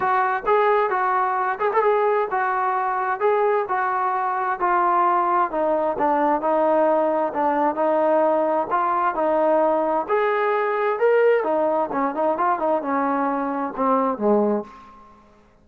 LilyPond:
\new Staff \with { instrumentName = "trombone" } { \time 4/4 \tempo 4 = 131 fis'4 gis'4 fis'4. gis'16 a'16 | gis'4 fis'2 gis'4 | fis'2 f'2 | dis'4 d'4 dis'2 |
d'4 dis'2 f'4 | dis'2 gis'2 | ais'4 dis'4 cis'8 dis'8 f'8 dis'8 | cis'2 c'4 gis4 | }